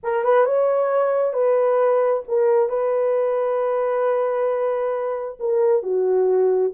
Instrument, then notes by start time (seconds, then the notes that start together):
horn
0.03 A#4
0.23 B4
0.45 C#5
1.33 B4
2.28 A#4
2.69 B4
5.39 A#4
5.82 F#4